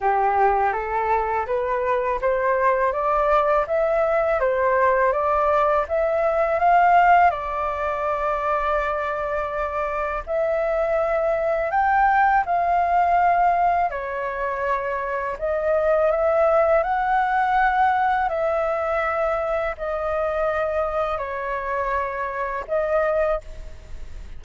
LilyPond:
\new Staff \with { instrumentName = "flute" } { \time 4/4 \tempo 4 = 82 g'4 a'4 b'4 c''4 | d''4 e''4 c''4 d''4 | e''4 f''4 d''2~ | d''2 e''2 |
g''4 f''2 cis''4~ | cis''4 dis''4 e''4 fis''4~ | fis''4 e''2 dis''4~ | dis''4 cis''2 dis''4 | }